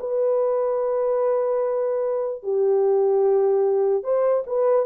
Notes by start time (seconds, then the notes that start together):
0.00 B4
2.43 G4
4.04 C5
4.47 B4